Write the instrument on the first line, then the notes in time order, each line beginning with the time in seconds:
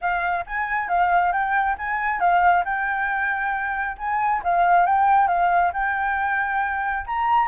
flute
0.01 F5
0.46 G#5
0.88 F5
1.32 G5
1.78 G#5
2.19 F5
2.64 G5
3.97 G#5
4.43 F5
4.85 G5
5.27 F5
5.73 G5
7.06 A#5